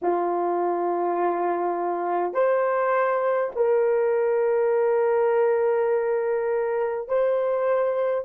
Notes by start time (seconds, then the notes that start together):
0.02 F4
2.33 C5
3.55 A#4
7.08 C5